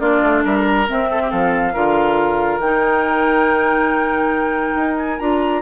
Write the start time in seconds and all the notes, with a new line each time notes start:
0.00 A#3 D4 F4 D5
0.23 A3
0.45 G3 A#4 E5
0.56 A4
0.67 A#5
0.88 C4 E5
1.11 A4
1.23 G4
1.30 F3 A4 F5
1.74 D3 F4 A#4
2.59 D#3 D#4 G5
4.76 D#4
4.97 G#5
5.19 D4 F4 A#5